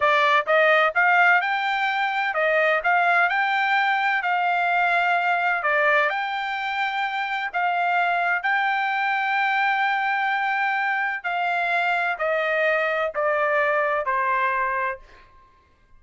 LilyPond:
\new Staff \with { instrumentName = "trumpet" } { \time 4/4 \tempo 4 = 128 d''4 dis''4 f''4 g''4~ | g''4 dis''4 f''4 g''4~ | g''4 f''2. | d''4 g''2. |
f''2 g''2~ | g''1 | f''2 dis''2 | d''2 c''2 | }